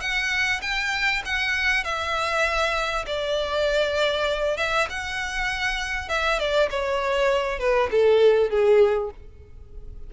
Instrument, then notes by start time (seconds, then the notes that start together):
violin
0.00 F#5
0.61 G5
1.25 F#5
1.84 E5
3.06 D5
4.57 E5
4.89 F#5
6.09 E5
6.39 D5
6.70 C#5
7.59 B4
7.91 A4
8.50 G#4